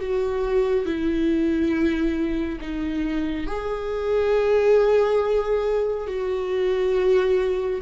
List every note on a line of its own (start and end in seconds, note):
0.00 0.86 F#4
0.86 2.60 E4
2.61 3.47 D#4
3.47 6.08 G#4
6.08 7.81 F#4